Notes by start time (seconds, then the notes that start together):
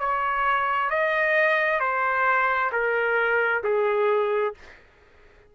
0.00 C#5
0.90 D#5
1.80 C5
2.72 A#4
3.64 G#4